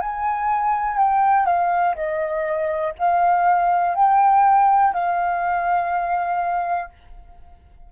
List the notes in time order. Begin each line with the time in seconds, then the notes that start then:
0.00 G#5
0.97 G5
1.45 F5
1.95 D#5
2.98 F5
3.94 G5
4.93 F5